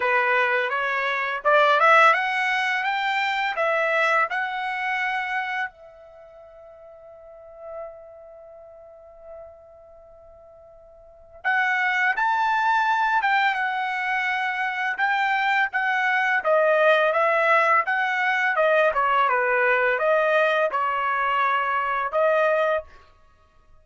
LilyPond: \new Staff \with { instrumentName = "trumpet" } { \time 4/4 \tempo 4 = 84 b'4 cis''4 d''8 e''8 fis''4 | g''4 e''4 fis''2 | e''1~ | e''1 |
fis''4 a''4. g''8 fis''4~ | fis''4 g''4 fis''4 dis''4 | e''4 fis''4 dis''8 cis''8 b'4 | dis''4 cis''2 dis''4 | }